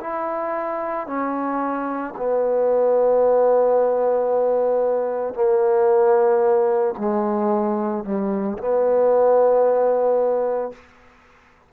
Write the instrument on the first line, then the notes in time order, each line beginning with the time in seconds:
trombone
0.00 E4
1.07 C#4
2.17 B3
5.34 A#3
6.98 G#3
8.04 G3
8.58 B3